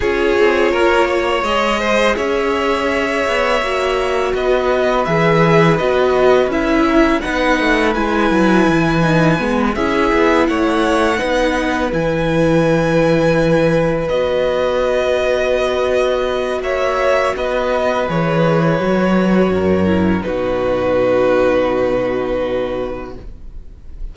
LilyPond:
<<
  \new Staff \with { instrumentName = "violin" } { \time 4/4 \tempo 4 = 83 cis''2 dis''4 e''4~ | e''2 dis''4 e''4 | dis''4 e''4 fis''4 gis''4~ | gis''4. e''4 fis''4.~ |
fis''8 gis''2. dis''8~ | dis''2. e''4 | dis''4 cis''2. | b'1 | }
  \new Staff \with { instrumentName = "violin" } { \time 4/4 gis'4 ais'8 cis''4 c''8 cis''4~ | cis''2 b'2~ | b'4. ais'8 b'2~ | b'4. gis'4 cis''4 b'8~ |
b'1~ | b'2. cis''4 | b'2. ais'4 | fis'1 | }
  \new Staff \with { instrumentName = "viola" } { \time 4/4 f'2 gis'2~ | gis'4 fis'2 gis'4 | fis'4 e'4 dis'4 e'4~ | e'8 dis'8 b8 e'2 dis'8~ |
dis'8 e'2. fis'8~ | fis'1~ | fis'4 gis'4 fis'4. e'8 | dis'1 | }
  \new Staff \with { instrumentName = "cello" } { \time 4/4 cis'8 c'8 ais4 gis4 cis'4~ | cis'8 b8 ais4 b4 e4 | b4 cis'4 b8 a8 gis8 fis8 | e4 gis8 cis'8 b8 a4 b8~ |
b8 e2. b8~ | b2. ais4 | b4 e4 fis4 fis,4 | b,1 | }
>>